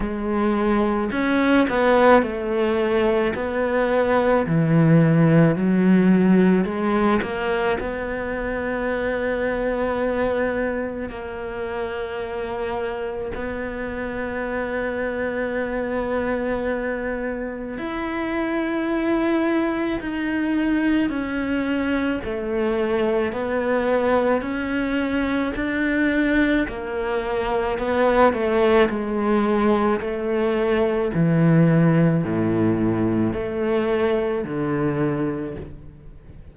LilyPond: \new Staff \with { instrumentName = "cello" } { \time 4/4 \tempo 4 = 54 gis4 cis'8 b8 a4 b4 | e4 fis4 gis8 ais8 b4~ | b2 ais2 | b1 |
e'2 dis'4 cis'4 | a4 b4 cis'4 d'4 | ais4 b8 a8 gis4 a4 | e4 a,4 a4 d4 | }